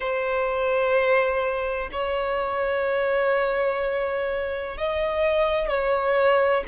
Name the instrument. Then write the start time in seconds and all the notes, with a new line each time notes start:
violin
0.00 C5
1.91 C#5
4.77 D#5
5.68 C#5